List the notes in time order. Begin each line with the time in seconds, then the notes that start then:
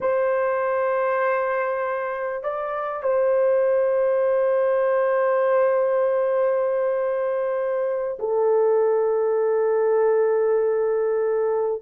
0.00 C5
2.43 D5
3.02 C5
8.19 A4